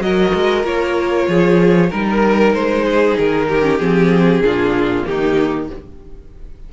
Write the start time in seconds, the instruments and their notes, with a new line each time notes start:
0.00 cello F#3, viola F#4, violin A#4 D#5
0.34 cello G#3
0.63 cello A#3, viola F4, violin C#5
1.28 cello F3, violin G#4
1.90 cello G3, viola D#4, violin A#4
2.54 cello G#3, violin C5
2.84 violin G#4
3.18 cello D#3, violin A#4
3.48 violin G4
3.62 viola C#4
3.79 cello F3, viola C4, violin G#4
4.39 cello A#2, viola D4, violin F4
5.04 cello D#3, viola A#3, violin D#4 G4